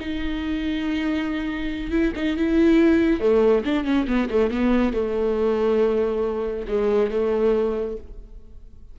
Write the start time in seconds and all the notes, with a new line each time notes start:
0.00 D#4
1.91 E4
2.16 D#4
2.37 E4
3.20 A3
3.65 D4
3.84 C#4
4.07 B3
4.29 A3
4.51 B3
4.93 A3
6.68 G#3
7.10 A3